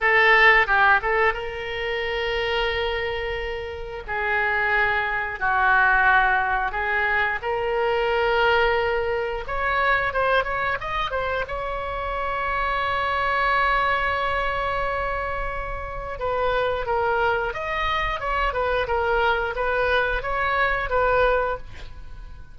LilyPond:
\new Staff \with { instrumentName = "oboe" } { \time 4/4 \tempo 4 = 89 a'4 g'8 a'8 ais'2~ | ais'2 gis'2 | fis'2 gis'4 ais'4~ | ais'2 cis''4 c''8 cis''8 |
dis''8 c''8 cis''2.~ | cis''1 | b'4 ais'4 dis''4 cis''8 b'8 | ais'4 b'4 cis''4 b'4 | }